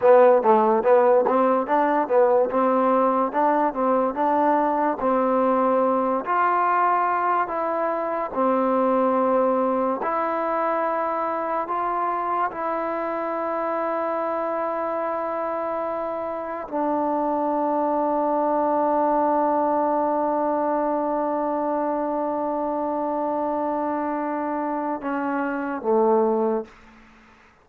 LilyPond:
\new Staff \with { instrumentName = "trombone" } { \time 4/4 \tempo 4 = 72 b8 a8 b8 c'8 d'8 b8 c'4 | d'8 c'8 d'4 c'4. f'8~ | f'4 e'4 c'2 | e'2 f'4 e'4~ |
e'1 | d'1~ | d'1~ | d'2 cis'4 a4 | }